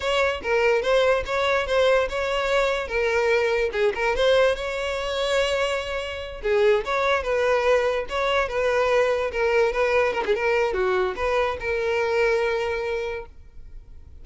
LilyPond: \new Staff \with { instrumentName = "violin" } { \time 4/4 \tempo 4 = 145 cis''4 ais'4 c''4 cis''4 | c''4 cis''2 ais'4~ | ais'4 gis'8 ais'8 c''4 cis''4~ | cis''2.~ cis''8 gis'8~ |
gis'8 cis''4 b'2 cis''8~ | cis''8 b'2 ais'4 b'8~ | b'8 ais'16 gis'16 ais'4 fis'4 b'4 | ais'1 | }